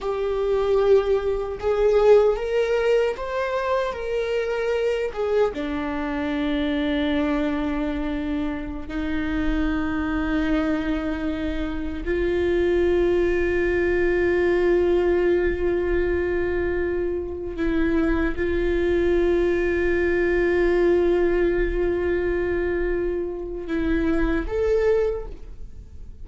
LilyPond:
\new Staff \with { instrumentName = "viola" } { \time 4/4 \tempo 4 = 76 g'2 gis'4 ais'4 | c''4 ais'4. gis'8 d'4~ | d'2.~ d'16 dis'8.~ | dis'2.~ dis'16 f'8.~ |
f'1~ | f'2~ f'16 e'4 f'8.~ | f'1~ | f'2 e'4 a'4 | }